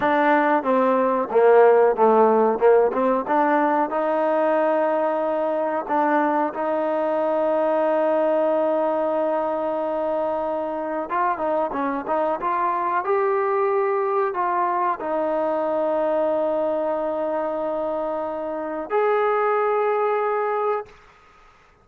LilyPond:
\new Staff \with { instrumentName = "trombone" } { \time 4/4 \tempo 4 = 92 d'4 c'4 ais4 a4 | ais8 c'8 d'4 dis'2~ | dis'4 d'4 dis'2~ | dis'1~ |
dis'4 f'8 dis'8 cis'8 dis'8 f'4 | g'2 f'4 dis'4~ | dis'1~ | dis'4 gis'2. | }